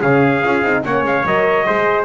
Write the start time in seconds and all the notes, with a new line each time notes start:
0.00 C#3 C#4 G#4 F5
0.44 C#4 F4
0.62 C4 D#4
0.84 A#3 C#4 C#5 F#5
1.03 G#3 F5
1.26 F#3 A#4 D#5
1.66 G#3 G#4 C5